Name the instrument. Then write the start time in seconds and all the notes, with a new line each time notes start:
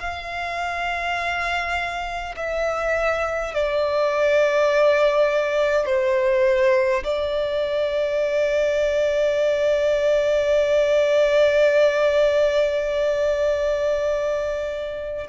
violin
0.00 F5
2.37 E5
3.55 D5
5.86 C5
7.04 D5